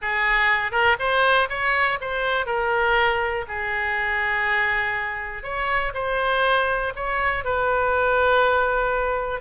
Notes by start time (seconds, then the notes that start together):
0.01 G#4
0.71 A#4
0.99 C5
1.49 C#5
2.00 C5
2.45 A#4
3.48 G#4
5.43 C#5
5.94 C5
6.95 C#5
7.44 B4